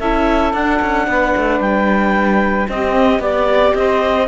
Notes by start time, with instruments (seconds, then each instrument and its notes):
0.00 cello C#4, viola E4, saxophone A4, clarinet E5
0.54 cello D4, viola D4, clarinet F#5
0.82 cello C#4
1.08 cello B3, saxophone B4
1.37 cello A3
1.61 cello G3, clarinet G5
2.69 cello C4, viola C4, saxophone G4, clarinet D#5
3.20 cello B3, viola G4, saxophone D5, clarinet D5
3.75 cello C4, saxophone C5, clarinet D#5